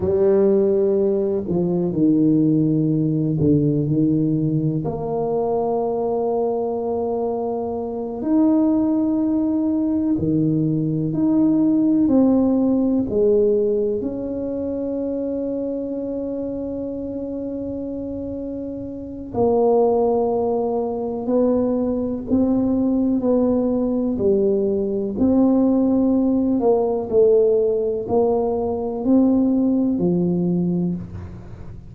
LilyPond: \new Staff \with { instrumentName = "tuba" } { \time 4/4 \tempo 4 = 62 g4. f8 dis4. d8 | dis4 ais2.~ | ais8 dis'2 dis4 dis'8~ | dis'8 c'4 gis4 cis'4.~ |
cis'1 | ais2 b4 c'4 | b4 g4 c'4. ais8 | a4 ais4 c'4 f4 | }